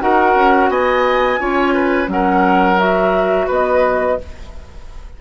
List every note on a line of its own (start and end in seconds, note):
0.00 0.35 D#4
0.00 1.39 F#4
0.00 0.71 A#4
0.00 0.70 F#5
0.35 0.69 C#4
0.69 1.39 B3
0.69 1.40 D#5
0.69 2.09 G#5
1.39 2.08 C#4
1.39 2.07 F4
1.39 1.74 C#5
1.74 2.09 B4
2.07 3.47 F#3
2.07 2.77 C#4
2.07 3.47 A#4
2.07 2.79 F#5
2.78 4.18 F#4
2.78 3.49 E5
3.47 4.19 B3
3.47 4.17 B4
3.47 4.21 D#5